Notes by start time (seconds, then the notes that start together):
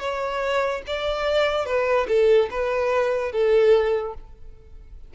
0.00 C#5
0.87 D5
1.66 B4
2.08 A4
2.51 B4
3.33 A4